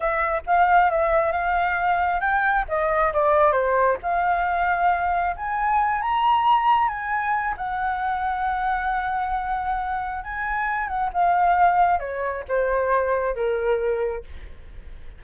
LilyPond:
\new Staff \with { instrumentName = "flute" } { \time 4/4 \tempo 4 = 135 e''4 f''4 e''4 f''4~ | f''4 g''4 dis''4 d''4 | c''4 f''2. | gis''4. ais''2 gis''8~ |
gis''4 fis''2.~ | fis''2. gis''4~ | gis''8 fis''8 f''2 cis''4 | c''2 ais'2 | }